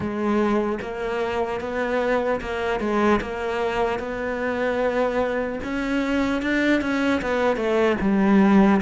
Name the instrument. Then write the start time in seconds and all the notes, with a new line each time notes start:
cello
0.00 G#3
0.81 A#3
1.60 B3
2.40 A#3
2.80 G#3
3.21 A#3
3.99 B3
5.63 C#4
6.42 D4
6.81 C#4
7.21 B3
7.56 A3
8.00 G3